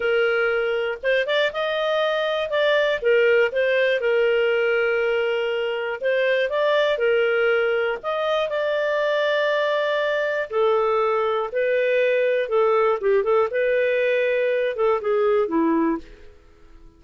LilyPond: \new Staff \with { instrumentName = "clarinet" } { \time 4/4 \tempo 4 = 120 ais'2 c''8 d''8 dis''4~ | dis''4 d''4 ais'4 c''4 | ais'1 | c''4 d''4 ais'2 |
dis''4 d''2.~ | d''4 a'2 b'4~ | b'4 a'4 g'8 a'8 b'4~ | b'4. a'8 gis'4 e'4 | }